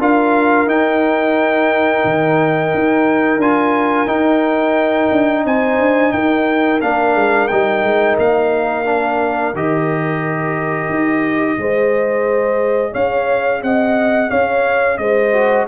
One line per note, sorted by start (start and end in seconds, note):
0.00 0.66 D4
0.00 0.68 F4
0.00 5.46 A#4
0.00 0.69 F5
0.66 2.03 D#4
0.66 3.40 D#4
0.66 3.42 G5
2.05 2.73 D#3
2.75 3.38 D#4
3.38 4.06 D4
3.38 4.08 F4
3.38 4.09 G#5
4.07 5.09 D#4
4.07 6.80 D#4
4.07 5.45 G5
5.12 5.45 D4
5.45 5.79 C4
5.45 6.14 C5
5.45 6.12 G#5
5.79 6.13 D4
6.12 6.82 D#4
6.12 11.60 A#4
6.12 6.80 G5
6.81 7.15 A#3
6.81 7.50 D4
6.81 7.48 F5
7.15 7.49 G#3
7.48 7.84 G3
7.48 8.85 D#4
7.48 8.16 G5
7.84 8.18 G#3
8.18 9.54 A#3
8.18 9.56 F5
8.85 9.54 D4
9.54 10.89 D#3
9.54 11.58 G4
9.54 12.94 D#5
10.89 11.58 D#4
11.58 12.94 G#3
11.58 15.33 G#4
11.58 12.93 C5
12.93 13.63 C#4
12.93 13.61 C#5
12.93 13.62 F5
13.63 14.31 C4
13.63 14.31 D#5
13.63 14.31 F#5
14.31 14.99 C#4
14.31 14.99 C#5
14.31 14.98 F5
14.98 15.67 G#3
14.98 15.68 C5
14.98 15.66 D#5
15.33 15.67 F#4